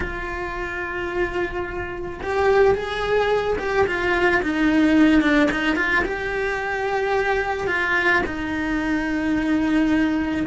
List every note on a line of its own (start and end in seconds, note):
0.00 2.20 F4
2.22 2.74 G4
2.74 3.57 G#4
3.58 3.85 G4
3.86 4.41 F4
4.42 5.21 D#4
5.21 5.49 D4
5.51 5.76 D#4
5.76 6.03 F4
6.04 7.67 G4
7.67 8.22 F4
8.25 10.46 D#4